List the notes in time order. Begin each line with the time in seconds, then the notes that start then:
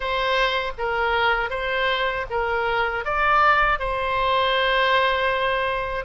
0.00 C5
0.78 A#4
1.49 C5
2.30 A#4
3.04 D5
3.79 C5